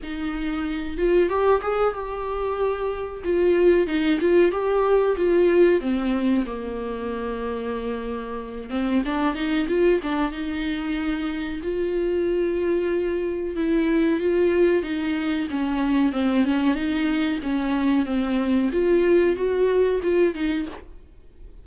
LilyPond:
\new Staff \with { instrumentName = "viola" } { \time 4/4 \tempo 4 = 93 dis'4. f'8 g'8 gis'8 g'4~ | g'4 f'4 dis'8 f'8 g'4 | f'4 c'4 ais2~ | ais4. c'8 d'8 dis'8 f'8 d'8 |
dis'2 f'2~ | f'4 e'4 f'4 dis'4 | cis'4 c'8 cis'8 dis'4 cis'4 | c'4 f'4 fis'4 f'8 dis'8 | }